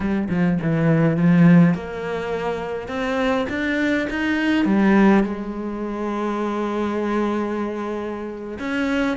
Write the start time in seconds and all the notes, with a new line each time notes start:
0.00 G3
0.29 F3
0.61 E3
1.17 F3
1.74 A#3
2.88 C4
3.49 D4
4.10 D#4
4.65 G3
5.23 G#3
8.59 C#4